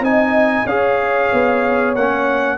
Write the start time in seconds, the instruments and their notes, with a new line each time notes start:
0.00 tuba C4, trombone D#4, horn D#5, trumpet G#5
0.65 tuba C#4, trombone G#4, horn C#5, trumpet F5
1.33 tuba B3
1.95 tuba A#3, trombone C#4, trumpet F#5